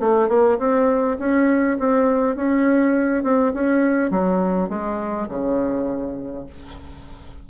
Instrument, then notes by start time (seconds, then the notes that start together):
bassoon
0.00 A3
0.29 A#3
0.59 C4
1.19 C#4
1.79 C4
2.36 C#4
3.23 C4
3.54 C#4
4.11 F#3
4.69 G#3
5.29 C#3